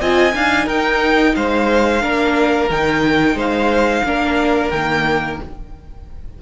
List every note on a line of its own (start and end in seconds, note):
0.00 0.34 C4
0.00 0.33 F4
0.00 0.34 D#5
0.00 0.68 G#5
0.33 0.67 D4
0.33 2.01 D#4
0.33 0.65 F5
0.65 1.34 D#4
0.65 1.33 A#4
0.65 1.35 G5
1.35 2.03 G#3
1.35 2.02 C5
1.35 2.70 F5
2.01 2.70 A#3
2.01 2.69 D4
2.01 3.36 A#4
2.70 3.34 D#3
2.70 4.05 D#4
2.70 3.38 G5
3.34 4.02 G#3
3.34 4.03 C5
3.34 4.70 F5
4.04 4.71 A#3
4.04 4.72 D4
4.04 5.42 A#4
4.70 5.39 D#3
4.70 5.42 A#3
4.70 5.37 G5